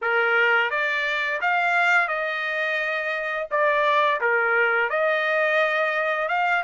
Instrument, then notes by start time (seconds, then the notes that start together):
trumpet
0.01 A#4
0.70 D5
1.41 F5
2.07 D#5
3.50 D5
4.20 A#4
4.89 D#5
6.28 F5